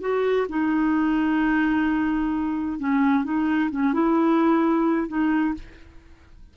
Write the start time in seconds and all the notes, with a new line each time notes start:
0.00 F#4
0.48 D#4
2.79 C#4
3.23 D#4
3.70 C#4
3.93 E4
5.07 D#4